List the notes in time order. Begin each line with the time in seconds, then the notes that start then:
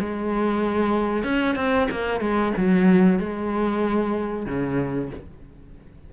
0.00 G#3
1.24 C#4
1.56 C4
1.91 A#3
2.21 G#3
2.57 F#3
3.20 G#3
4.46 C#3